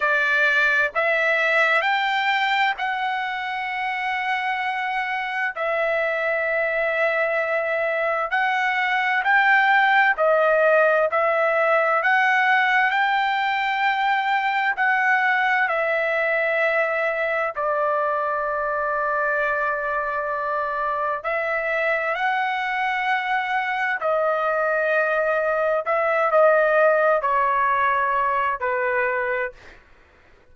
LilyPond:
\new Staff \with { instrumentName = "trumpet" } { \time 4/4 \tempo 4 = 65 d''4 e''4 g''4 fis''4~ | fis''2 e''2~ | e''4 fis''4 g''4 dis''4 | e''4 fis''4 g''2 |
fis''4 e''2 d''4~ | d''2. e''4 | fis''2 dis''2 | e''8 dis''4 cis''4. b'4 | }